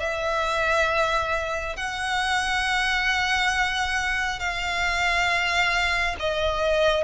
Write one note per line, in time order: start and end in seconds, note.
0.00 1.76 E5
1.76 4.40 F#5
4.40 6.16 F5
6.20 7.04 D#5